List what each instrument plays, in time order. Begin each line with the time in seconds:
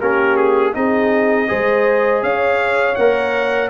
0.00 tuba A#3, trombone C#4, horn G4, trumpet A#4
0.36 trumpet G#4
0.73 tuba C4, trombone D#4, horn G#4, trumpet D#5
1.47 tuba G#3, trombone G#4, horn C5
2.23 tuba C#4, horn C#5, trumpet F5
2.95 tuba A#3, trombone A#4, trumpet F#5